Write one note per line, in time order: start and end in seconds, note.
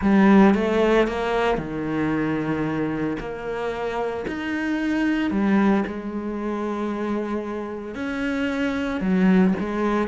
0.01 0.54 G3
0.54 1.07 A3
1.07 1.57 A#3
1.57 3.16 D#3
3.19 4.25 A#3
4.27 5.30 D#4
5.30 5.83 G3
5.86 7.94 G#3
7.94 9.00 C#4
9.00 9.53 F#3
9.59 10.08 G#3